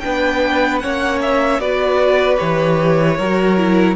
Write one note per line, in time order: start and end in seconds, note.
0.00 0.84 B3
0.00 0.82 D4
0.00 0.82 B4
0.00 0.79 G5
0.79 1.59 A#3
0.79 1.61 C#4
0.79 1.61 C#5
0.79 1.19 F#5
1.22 1.60 E5
1.59 2.38 B3
1.59 2.37 F#4
1.59 3.17 B4
1.59 2.38 D5
2.37 3.19 E3
2.37 3.16 G4
2.37 3.96 C#5
3.17 3.96 F#3
3.17 3.57 F#4
3.17 3.96 A#4
3.57 3.96 E4